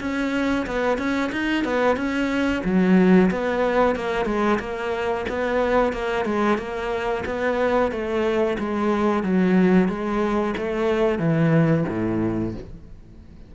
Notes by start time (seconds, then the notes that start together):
0.00 C#4
0.67 B3
0.98 C#4
1.32 D#4
1.65 B3
1.97 C#4
2.65 F#3
3.31 B3
3.96 A#3
4.26 G#3
4.60 A#3
5.29 B3
5.93 A#3
6.25 G#3
6.58 A#3
7.26 B3
7.92 A3
8.59 G#3
9.23 F#3
9.89 G#3
10.57 A3
11.19 E3
11.88 A2